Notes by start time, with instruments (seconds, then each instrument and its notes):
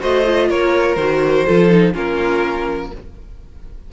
0.00 cello A3, viola F#4, violin C5 D#5
0.25 viola F4
0.50 cello A#3, violin A#4 C#5
0.95 cello D#3, viola F#4, violin C5
1.46 cello F3, viola F4, violin A4
1.70 viola D#4
1.93 cello A#3, viola C#4, violin F4 A#4